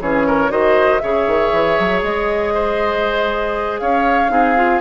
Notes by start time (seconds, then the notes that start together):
0.00 E3 C#4 G#4 C#5
0.27 A#4
0.49 D#3 F#4 C5 D#5
0.99 C#3 G#4 C#5 E5
1.26 D#3
1.51 E3
1.79 F#3
2.02 G#3 D#5
2.53 C5
3.79 C#4 C#5 F5
4.29 C4 D#4 G#4
4.55 F4